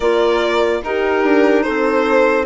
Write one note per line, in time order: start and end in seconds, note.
0.00 0.81 A#3
0.00 0.83 F4
0.00 0.82 A#4
0.00 0.81 D5
0.83 1.24 D#4
0.83 2.46 D#4
0.83 1.64 G4
0.83 1.62 A#4
1.24 1.65 D4
1.62 2.46 A4
1.62 2.45 C5
1.68 2.46 C4